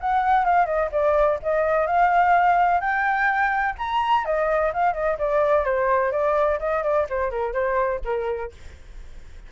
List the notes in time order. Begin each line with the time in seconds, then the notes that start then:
0.00 F#5
0.44 F5
0.66 D#5
0.91 D5
1.42 D#5
1.86 F5
2.80 G5
3.78 A#5
4.25 D#5
4.73 F5
4.93 D#5
5.18 D5
5.64 C5
6.11 D5
6.59 D#5
6.83 D5
7.09 C5
7.30 A#4
7.53 C5
8.04 A#4